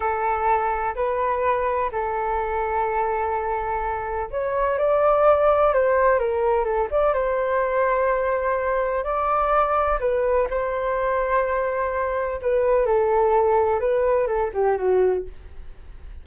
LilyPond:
\new Staff \with { instrumentName = "flute" } { \time 4/4 \tempo 4 = 126 a'2 b'2 | a'1~ | a'4 cis''4 d''2 | c''4 ais'4 a'8 d''8 c''4~ |
c''2. d''4~ | d''4 b'4 c''2~ | c''2 b'4 a'4~ | a'4 b'4 a'8 g'8 fis'4 | }